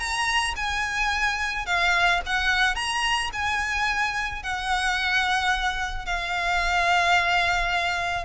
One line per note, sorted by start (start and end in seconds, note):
0.00 0.55 A#5
0.57 1.66 G#5
1.66 2.21 F5
2.26 2.76 F#5
2.76 3.31 A#5
3.34 4.43 G#5
4.43 6.06 F#5
6.06 8.26 F5